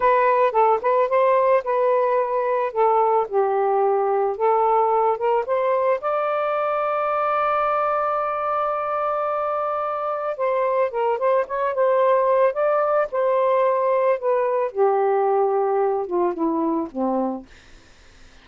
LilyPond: \new Staff \with { instrumentName = "saxophone" } { \time 4/4 \tempo 4 = 110 b'4 a'8 b'8 c''4 b'4~ | b'4 a'4 g'2 | a'4. ais'8 c''4 d''4~ | d''1~ |
d''2. c''4 | ais'8 c''8 cis''8 c''4. d''4 | c''2 b'4 g'4~ | g'4. f'8 e'4 c'4 | }